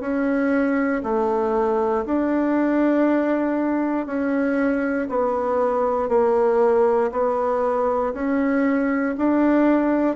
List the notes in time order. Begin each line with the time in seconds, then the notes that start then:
0.00 C#4
1.03 A3
2.05 D4
4.06 C#4
5.09 B3
6.08 A#3
7.11 B3
8.13 C#4
9.17 D4